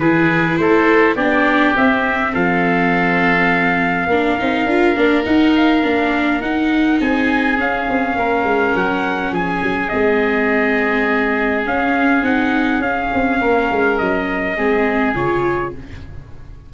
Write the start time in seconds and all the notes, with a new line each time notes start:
0.00 E3 E4 G#4 B4
0.57 A3 A4 C5
1.16 B3 D4 G4 D5
1.77 C4 E5
2.33 F3 A4 F5
4.07 A#3 D4 A#4
4.39 C4 D#4
4.66 D4 F4
4.96 A#3 D4
5.24 D#4 F#5
5.56 F5
5.83 A#3 D4
6.41 D#4 F#5
7.01 C4 G#4 G#5
7.57 C#4 F5
7.89 C4
8.16 A#3 A#4
8.44 G#3
8.75 F#3 F#5
9.32 F3 G#4 G#5
9.63 F#3
9.89 G#3 C4 D#5
11.65 C#4 F5
12.22 C4 D#4 F#5
12.79 C#4 F5
13.14 C4
13.41 A#3 A#4
13.71 G#3
13.98 F#3 D#5
14.57 G#3 C4 G#4
15.15 C#3 F4 C#5